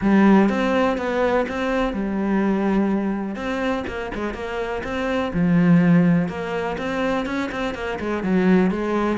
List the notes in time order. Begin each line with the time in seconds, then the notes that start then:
0.01 G3
0.49 C4
0.97 B3
1.48 C4
1.93 G3
3.35 C4
3.87 A#3
4.14 G#3
4.34 A#3
4.83 C4
5.33 F3
6.28 A#3
6.77 C4
7.25 C#4
7.51 C4
7.74 A#3
7.99 G#3
8.23 F#3
8.71 G#3